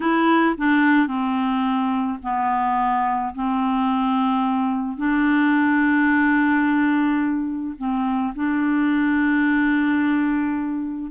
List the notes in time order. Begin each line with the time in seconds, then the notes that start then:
0.00 E4
0.57 D4
1.07 C4
2.22 B3
3.34 C4
4.97 D4
7.78 C4
8.35 D4